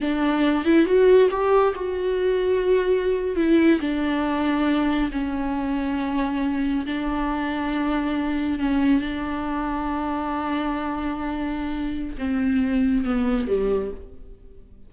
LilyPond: \new Staff \with { instrumentName = "viola" } { \time 4/4 \tempo 4 = 138 d'4. e'8 fis'4 g'4 | fis'2.~ fis'8. e'16~ | e'8. d'2. cis'16~ | cis'2.~ cis'8. d'16~ |
d'2.~ d'8. cis'16~ | cis'8. d'2.~ d'16~ | d'1 | c'2 b4 g4 | }